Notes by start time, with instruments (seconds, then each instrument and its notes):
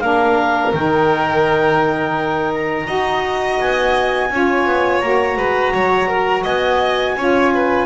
0.00 double bass A#3, saxophone D4, violin A#4, clarinet F5
0.74 double bass D#3, saxophone D#4, clarinet G5
2.54 clarinet A#5
2.85 double bass D#4, saxophone F#4, violin D#5
3.60 double bass B3, clarinet G#5
4.30 double bass C#4, saxophone F4, violin C#5
4.66 double bass B3
5.00 double bass A#3, saxophone F#4, clarinet A#5
5.36 double bass G#3, violin B4
5.73 double bass F#3, violin C#5
6.08 violin A#4
6.43 double bass B3, violin D#5, clarinet G#5
7.16 double bass C#4, saxophone F4, violin C#5
7.53 violin B4